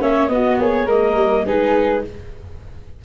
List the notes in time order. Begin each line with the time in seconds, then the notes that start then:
0.00 A#3 C#4 C#5 E5
0.28 B3 F#4 D#5
0.59 A#3 G#4 C#5
0.86 G#3 A#3 A#4 D#5
1.15 G3
1.46 G#3 D#4 G#4 B4